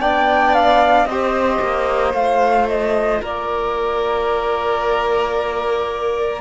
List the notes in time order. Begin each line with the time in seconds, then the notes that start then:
0.00 B3 D4 D5 G5
0.54 F5
1.05 C4 G4 C5 D#5
1.61 A#3
2.14 A3 F4 F5
2.68 D#5
3.21 A#3 A#4 D5